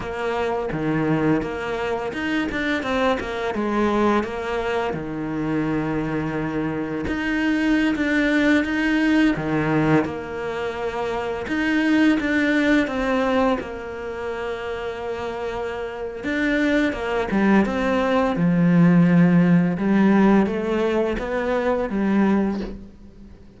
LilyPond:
\new Staff \with { instrumentName = "cello" } { \time 4/4 \tempo 4 = 85 ais4 dis4 ais4 dis'8 d'8 | c'8 ais8 gis4 ais4 dis4~ | dis2 dis'4~ dis'16 d'8.~ | d'16 dis'4 dis4 ais4.~ ais16~ |
ais16 dis'4 d'4 c'4 ais8.~ | ais2. d'4 | ais8 g8 c'4 f2 | g4 a4 b4 g4 | }